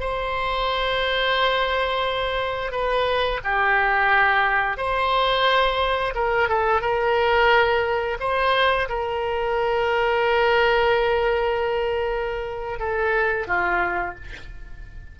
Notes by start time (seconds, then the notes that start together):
0.00 C5
2.72 B4
3.44 G4
4.77 C5
6.15 A#4
6.49 A4
6.82 A#4
8.20 C5
8.89 A#4
12.79 A4
13.47 F4